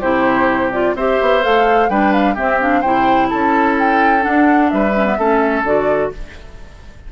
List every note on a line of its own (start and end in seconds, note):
0.00 0.94 C3
0.00 0.72 E4
0.00 0.94 G4
0.00 0.71 C5
0.72 0.96 F4
0.72 0.95 D5
0.94 1.17 C4
0.94 1.42 G4
0.94 1.90 C5
0.94 1.43 E5
1.21 1.44 B3
1.42 1.89 A3
1.42 1.89 A4
1.42 1.89 F5
1.89 2.36 G3
1.89 2.36 D4
1.89 2.34 B4
1.89 2.12 G5
2.12 2.36 F5
2.34 2.59 C4
2.34 2.83 C4
2.34 2.81 G4
2.34 2.60 E5
2.60 2.83 D4
2.60 2.82 F5
2.81 3.30 C3
2.81 4.21 E4
2.81 3.27 C5
2.81 3.29 G5
3.29 4.26 C#4
3.29 4.70 A4
3.29 3.76 A5
3.79 4.23 G5
4.21 4.91 D4
4.21 4.72 D4
4.21 4.70 F#5
4.70 5.18 G3
4.70 5.18 B4
4.70 5.63 E5
4.96 5.06 C#4
5.06 5.18 B3
5.18 5.63 A3
5.18 5.65 C#4
5.18 6.12 A4
5.63 6.10 D3
5.63 6.12 F#4
5.63 6.12 D5